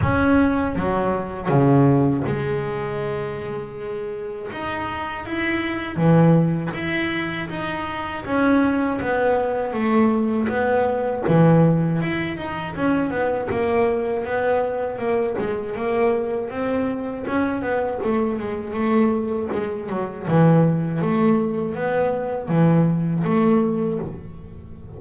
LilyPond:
\new Staff \with { instrumentName = "double bass" } { \time 4/4 \tempo 4 = 80 cis'4 fis4 cis4 gis4~ | gis2 dis'4 e'4 | e4 e'4 dis'4 cis'4 | b4 a4 b4 e4 |
e'8 dis'8 cis'8 b8 ais4 b4 | ais8 gis8 ais4 c'4 cis'8 b8 | a8 gis8 a4 gis8 fis8 e4 | a4 b4 e4 a4 | }